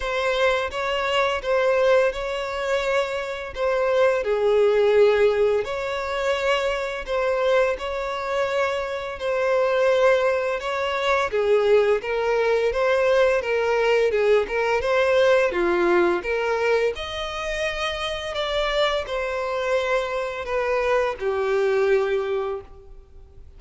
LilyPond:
\new Staff \with { instrumentName = "violin" } { \time 4/4 \tempo 4 = 85 c''4 cis''4 c''4 cis''4~ | cis''4 c''4 gis'2 | cis''2 c''4 cis''4~ | cis''4 c''2 cis''4 |
gis'4 ais'4 c''4 ais'4 | gis'8 ais'8 c''4 f'4 ais'4 | dis''2 d''4 c''4~ | c''4 b'4 g'2 | }